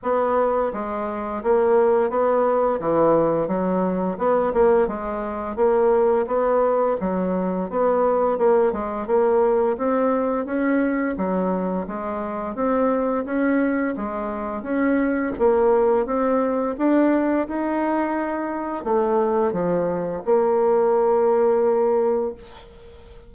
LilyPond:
\new Staff \with { instrumentName = "bassoon" } { \time 4/4 \tempo 4 = 86 b4 gis4 ais4 b4 | e4 fis4 b8 ais8 gis4 | ais4 b4 fis4 b4 | ais8 gis8 ais4 c'4 cis'4 |
fis4 gis4 c'4 cis'4 | gis4 cis'4 ais4 c'4 | d'4 dis'2 a4 | f4 ais2. | }